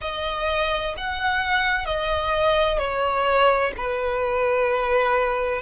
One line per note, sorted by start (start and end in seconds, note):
0.01 0.95 D#5
0.97 1.85 F#5
1.85 2.78 D#5
2.78 3.72 C#5
3.77 5.61 B4